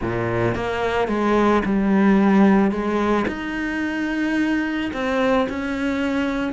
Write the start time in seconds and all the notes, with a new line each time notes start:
0.01 A#2
0.55 A#3
1.08 G#3
1.65 G3
2.71 G#3
3.27 D#4
4.93 C4
5.49 C#4